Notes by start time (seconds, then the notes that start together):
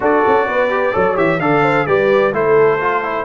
0.00 D4 F#4 A4 D5
0.27 C#4
0.47 B3 B4
0.69 G4
0.92 F#3 A4 C#5
1.14 E3 G4 E5
1.39 D3 A4 D5 F5
1.62 C5
1.86 G3 G4 B4 D5
2.32 A3 E4 A4 C5
2.80 F4
3.03 E4